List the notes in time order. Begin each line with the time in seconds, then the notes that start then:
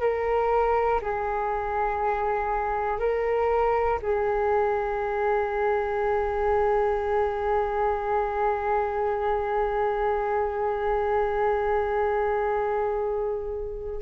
0.00 A#4
1.01 G#4
2.99 A#4
4.01 G#4